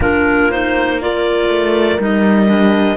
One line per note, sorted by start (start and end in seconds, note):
0.00 1.48 A#3
0.00 0.51 D4
0.00 0.99 F4
0.00 0.51 A#4
0.51 1.00 D#4
0.51 1.01 C5
1.00 1.99 F4
1.00 2.97 A#4
1.00 2.01 D5
1.48 1.98 A3
1.99 2.97 G3
1.99 2.46 D#4
1.99 2.97 D#5
2.46 2.96 D4